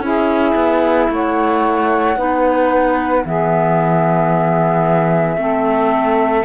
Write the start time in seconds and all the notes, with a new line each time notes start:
0.00 C#4 E4 G#4 E5
0.55 B3
1.09 A3 C#5 F#5
2.17 B3 D#4 B4
3.24 E3 B3 G#4 E5
5.37 A3 C4 A4